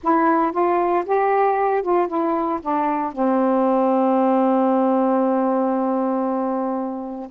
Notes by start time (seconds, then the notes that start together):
0.03 E4
0.51 F4
1.05 G4
1.82 F4
2.07 E4
2.61 D4
3.12 C4